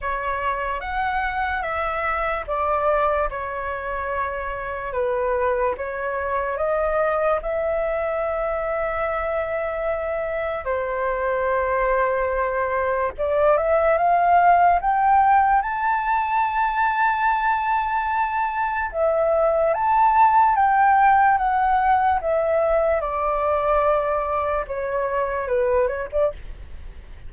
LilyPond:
\new Staff \with { instrumentName = "flute" } { \time 4/4 \tempo 4 = 73 cis''4 fis''4 e''4 d''4 | cis''2 b'4 cis''4 | dis''4 e''2.~ | e''4 c''2. |
d''8 e''8 f''4 g''4 a''4~ | a''2. e''4 | a''4 g''4 fis''4 e''4 | d''2 cis''4 b'8 cis''16 d''16 | }